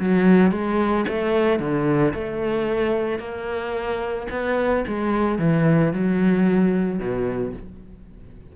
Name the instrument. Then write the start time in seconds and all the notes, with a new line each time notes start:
cello
0.00 F#3
0.52 G#3
1.08 A3
1.60 D3
2.14 A3
3.19 A#3
4.31 B3
4.88 G#3
5.39 E3
5.94 F#3
6.99 B2